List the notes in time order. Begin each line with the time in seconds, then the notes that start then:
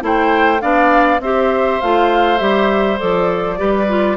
0.00 A3 E4 C5
0.06 G5
0.61 B3 D4 D5 F5
1.20 C4 G4 C5 E5
1.81 A3 F4 F5
2.38 G3 G4 E5
2.98 F3 A4 D5
3.57 G3 G4 B4
3.88 F4